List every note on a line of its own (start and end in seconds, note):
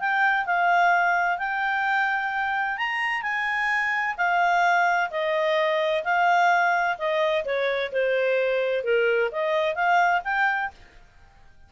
0.00 0.46 G5
0.46 1.39 F5
1.39 2.78 G5
2.78 3.23 A#5
3.23 4.16 G#5
4.18 5.11 F5
5.11 6.04 D#5
6.05 6.98 F5
6.99 7.45 D#5
7.45 7.92 C#5
7.93 8.84 C5
8.84 9.31 A#4
9.32 9.75 D#5
9.75 10.22 F5
10.25 10.71 G5